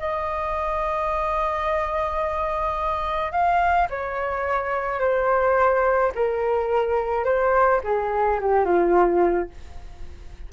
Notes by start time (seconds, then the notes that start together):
0.00 D#5
3.32 F5
3.90 C#5
5.00 C5
6.16 A#4
7.25 C5
7.84 G#4
8.41 G4
8.66 F4